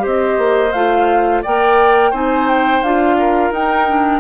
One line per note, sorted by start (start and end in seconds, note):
0.00 0.38 C4
0.00 0.70 G4
0.00 1.43 C5
0.06 0.73 D#5
0.38 0.73 A#3
0.73 1.43 A3
0.73 1.45 F4
0.73 1.42 F5
1.43 2.13 A#3
1.43 2.14 A#4
1.43 2.11 D5
1.43 2.14 G5
2.11 2.82 C4
2.11 2.83 D#4
2.11 3.16 C5
2.11 2.49 G#5
2.49 2.83 G5
2.83 3.51 D4
2.83 3.54 F4
2.83 3.53 F5
3.20 4.20 A#4
3.51 4.20 D#4
3.51 3.88 D#4
3.51 4.20 G5
3.88 4.20 D4